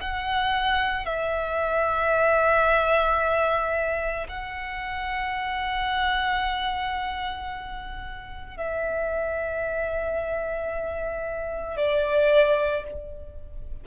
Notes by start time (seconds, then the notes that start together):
0.00 F#5
1.05 E5
4.28 F#5
8.56 E5
11.77 D5